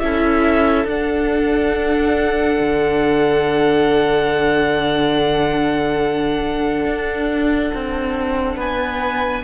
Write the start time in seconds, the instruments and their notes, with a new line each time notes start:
0.00 cello C#4, viola E4, violin A4 E5
0.85 cello D4, viola D4, violin F#5
2.60 cello D3
6.86 cello D4
7.75 cello C4
8.57 cello B3, violin B4 G#5